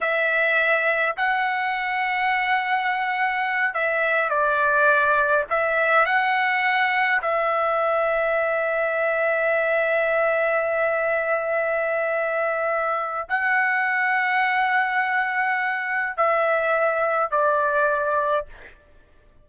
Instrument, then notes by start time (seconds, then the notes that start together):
trumpet
0.00 E5
1.16 F#5
3.74 E5
4.29 D5
5.50 E5
6.05 F#5
7.21 E5
13.28 F#5
16.16 E5
17.30 D5